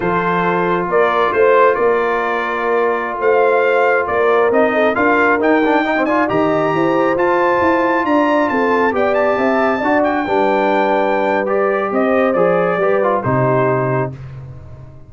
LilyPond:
<<
  \new Staff \with { instrumentName = "trumpet" } { \time 4/4 \tempo 4 = 136 c''2 d''4 c''4 | d''2.~ d''16 f''8.~ | f''4~ f''16 d''4 dis''4 f''8.~ | f''16 g''4. gis''8 ais''4.~ ais''16~ |
ais''16 a''2 ais''4 a''8.~ | a''16 g''8 a''2 g''4~ g''16~ | g''2 d''4 dis''4 | d''2 c''2 | }
  \new Staff \with { instrumentName = "horn" } { \time 4/4 a'2 ais'4 c''4 | ais'2.~ ais'16 c''8.~ | c''4~ c''16 ais'4. a'8 ais'8.~ | ais'4~ ais'16 dis''8 d''8 dis''4 c''8.~ |
c''2~ c''16 d''4 a'8.~ | a'16 d''4 e''4 d''4 b'8.~ | b'2. c''4~ | c''4 b'4 g'2 | }
  \new Staff \with { instrumentName = "trombone" } { \time 4/4 f'1~ | f'1~ | f'2~ f'16 dis'4 f'8.~ | f'16 dis'8 d'8 dis'16 c'16 f'8 g'4.~ g'16~ |
g'16 f'2.~ f'8.~ | f'16 g'2 fis'4 d'8.~ | d'2 g'2 | gis'4 g'8 f'8 dis'2 | }
  \new Staff \with { instrumentName = "tuba" } { \time 4/4 f2 ais4 a4 | ais2.~ ais16 a8.~ | a4~ a16 ais4 c'4 d'8.~ | d'16 dis'2 dis4 e'8.~ |
e'16 f'4 e'4 d'4 c'8.~ | c'16 b4 c'4 d'4 g8.~ | g2. c'4 | f4 g4 c2 | }
>>